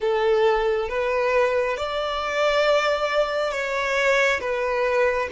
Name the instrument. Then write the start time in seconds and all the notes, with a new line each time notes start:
violin
0.00 A4
0.88 B4
1.76 D5
3.51 C#5
4.40 B4